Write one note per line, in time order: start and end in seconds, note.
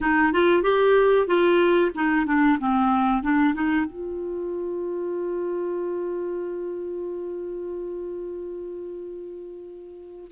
0.00 0.32 D#4
0.32 0.62 F4
0.62 1.27 G4
1.27 1.91 F4
1.94 2.26 D#4
2.26 2.58 D4
2.59 3.22 C4
3.22 3.54 D4
3.54 3.85 D#4
3.85 10.30 F4